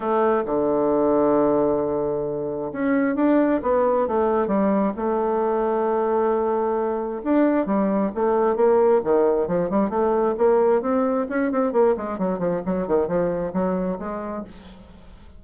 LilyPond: \new Staff \with { instrumentName = "bassoon" } { \time 4/4 \tempo 4 = 133 a4 d2.~ | d2 cis'4 d'4 | b4 a4 g4 a4~ | a1 |
d'4 g4 a4 ais4 | dis4 f8 g8 a4 ais4 | c'4 cis'8 c'8 ais8 gis8 fis8 f8 | fis8 dis8 f4 fis4 gis4 | }